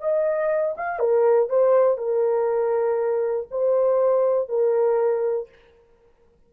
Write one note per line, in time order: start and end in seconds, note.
0.00 0.75 D#5
0.77 0.99 F5
0.99 1.49 A#4
1.49 1.97 C5
1.97 3.47 A#4
3.50 4.48 C5
4.48 5.48 A#4